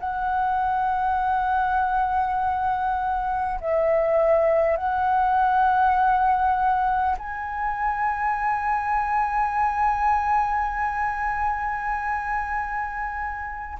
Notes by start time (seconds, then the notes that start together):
0.00 F#5
3.61 E5
4.76 F#5
7.18 G#5